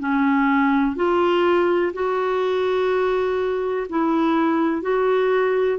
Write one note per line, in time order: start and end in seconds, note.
0.00 0.96 C#4
0.96 1.93 F4
1.94 3.87 F#4
3.89 4.82 E4
4.82 5.78 F#4